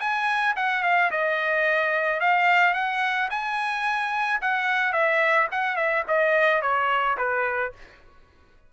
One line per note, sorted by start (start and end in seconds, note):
0.00 0.55 G#5
0.56 0.83 F#5
0.83 1.11 F5
1.11 2.20 D#5
2.20 2.74 F5
2.74 3.29 F#5
3.31 4.41 G#5
4.42 4.93 F#5
4.93 5.48 E5
5.52 5.76 F#5
5.76 6.04 E5
6.08 6.62 D#5
6.62 7.17 C#5
7.18 7.73 B4